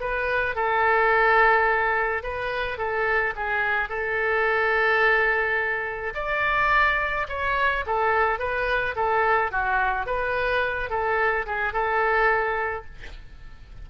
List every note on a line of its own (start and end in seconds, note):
0.00 0.56 B4
0.56 2.23 A4
2.23 2.78 B4
2.78 3.34 A4
3.36 3.89 G#4
3.89 6.13 A4
6.15 7.27 D5
7.29 7.85 C#5
7.86 8.39 A4
8.39 8.95 B4
8.95 9.51 A4
9.51 10.06 F#4
10.06 10.90 B4
10.90 11.46 A4
11.46 11.73 G#4
11.73 12.85 A4